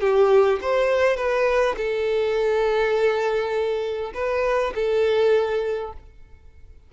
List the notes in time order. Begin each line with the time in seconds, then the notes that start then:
0.00 G4
0.61 C5
1.16 B4
1.76 A4
4.14 B4
4.75 A4